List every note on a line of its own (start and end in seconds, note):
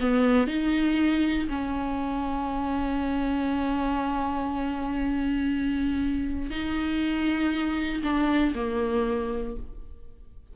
0.00 0.47 B3
0.47 1.48 D#4
1.49 6.50 C#4
6.50 8.02 D#4
8.03 8.53 D4
8.55 9.56 A#3